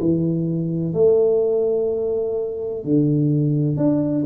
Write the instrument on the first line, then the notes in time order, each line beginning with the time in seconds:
tuba
0.00 E3
0.94 A3
2.84 D3
3.77 D4